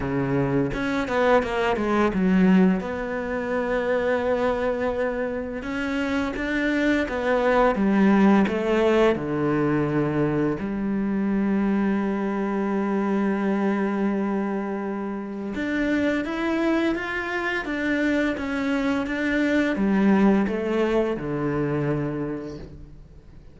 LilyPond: \new Staff \with { instrumentName = "cello" } { \time 4/4 \tempo 4 = 85 cis4 cis'8 b8 ais8 gis8 fis4 | b1 | cis'4 d'4 b4 g4 | a4 d2 g4~ |
g1~ | g2 d'4 e'4 | f'4 d'4 cis'4 d'4 | g4 a4 d2 | }